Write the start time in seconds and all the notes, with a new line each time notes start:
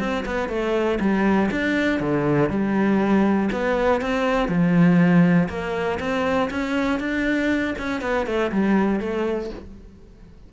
0.00 C4
0.26 B3
0.49 A3
1.01 G3
1.52 D4
2.00 D3
2.50 G3
3.52 B3
4.02 C4
4.49 F3
5.49 A#3
6.00 C4
6.51 C#4
7.00 D4
7.79 C#4
8.02 B3
8.27 A3
8.52 G3
9.00 A3